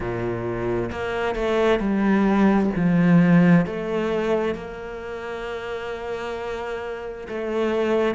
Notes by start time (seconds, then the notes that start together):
0.00 A#2
0.91 A#3
1.35 A3
1.79 G3
2.76 F3
3.66 A3
4.55 A#3
7.28 A3